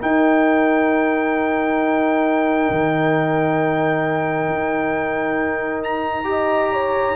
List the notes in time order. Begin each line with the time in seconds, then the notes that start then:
0.00 D#4 A#4 G5
2.70 D#3
4.49 D#4
5.83 A#5
6.24 G4 D#5
6.72 C#5